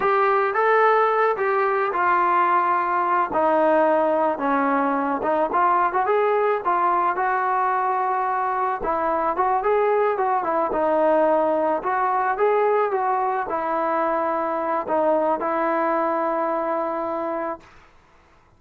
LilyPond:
\new Staff \with { instrumentName = "trombone" } { \time 4/4 \tempo 4 = 109 g'4 a'4. g'4 f'8~ | f'2 dis'2 | cis'4. dis'8 f'8. fis'16 gis'4 | f'4 fis'2. |
e'4 fis'8 gis'4 fis'8 e'8 dis'8~ | dis'4. fis'4 gis'4 fis'8~ | fis'8 e'2~ e'8 dis'4 | e'1 | }